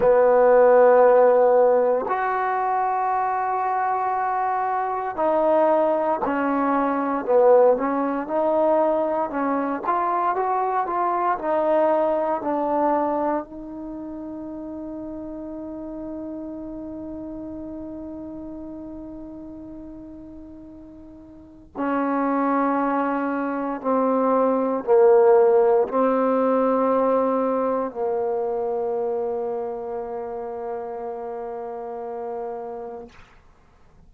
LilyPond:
\new Staff \with { instrumentName = "trombone" } { \time 4/4 \tempo 4 = 58 b2 fis'2~ | fis'4 dis'4 cis'4 b8 cis'8 | dis'4 cis'8 f'8 fis'8 f'8 dis'4 | d'4 dis'2.~ |
dis'1~ | dis'4 cis'2 c'4 | ais4 c'2 ais4~ | ais1 | }